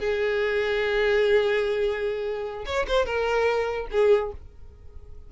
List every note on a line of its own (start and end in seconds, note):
0.00 2.65 G#4
2.66 2.86 C#5
2.88 3.06 C5
3.06 3.88 A#4
3.91 4.32 G#4